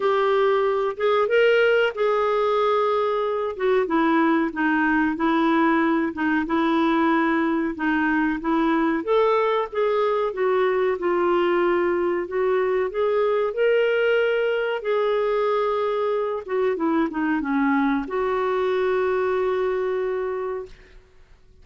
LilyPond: \new Staff \with { instrumentName = "clarinet" } { \time 4/4 \tempo 4 = 93 g'4. gis'8 ais'4 gis'4~ | gis'4. fis'8 e'4 dis'4 | e'4. dis'8 e'2 | dis'4 e'4 a'4 gis'4 |
fis'4 f'2 fis'4 | gis'4 ais'2 gis'4~ | gis'4. fis'8 e'8 dis'8 cis'4 | fis'1 | }